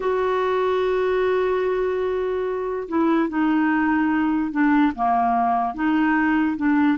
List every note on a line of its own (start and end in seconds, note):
0.00 2.88 F#4
2.88 3.29 E4
3.29 4.51 D#4
4.51 4.92 D4
4.95 5.74 A#3
5.74 6.56 D#4
6.56 6.98 D4